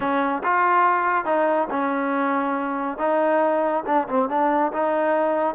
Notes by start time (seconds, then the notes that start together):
0.00 C#4
0.43 F4
1.25 D#4
1.70 C#4
2.97 D#4
3.86 D4
4.08 C4
4.29 D4
4.72 D#4